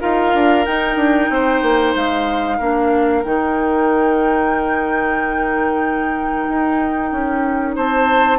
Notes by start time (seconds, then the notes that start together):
0.00 D#4 F4 A#4 F5
0.34 D4
0.65 D#4 G5
0.96 D4
1.29 C4 C5
1.62 A#3
1.94 G#3 F5
2.58 A#3 D4 A#4
3.22 D#3 D#4 G5
6.48 D#4
7.12 C#4
7.75 C4 C5 A5